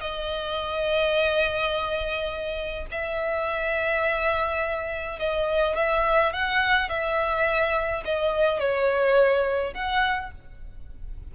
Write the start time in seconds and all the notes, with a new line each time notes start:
0.00 D#5
2.91 E5
5.19 D#5
5.76 E5
6.32 F#5
6.89 E5
8.04 D#5
8.59 C#5
9.74 F#5